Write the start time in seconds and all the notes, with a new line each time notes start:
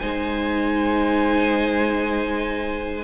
0.00 G#3 D#4 C5 G#5